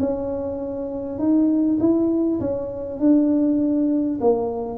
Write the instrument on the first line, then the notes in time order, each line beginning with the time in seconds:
tuba
0.00 C#4
1.19 D#4
1.80 E4
2.41 C#4
3.00 D4
4.21 A#3